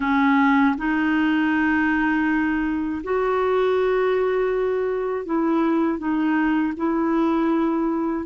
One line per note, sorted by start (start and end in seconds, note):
0.00 0.75 C#4
0.77 3.02 D#4
3.03 5.25 F#4
5.25 5.98 E4
5.98 6.73 D#4
6.76 8.25 E4